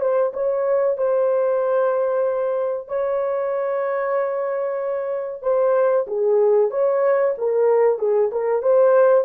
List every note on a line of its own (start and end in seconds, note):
0.00 0.32 C5
0.33 0.97 C#5
0.97 2.88 C5
2.88 5.42 C#5
5.42 6.06 C5
6.07 6.71 G#4
6.71 7.34 C#5
7.38 7.98 A#4
7.98 8.30 G#4
8.32 8.62 A#4
8.62 9.24 C5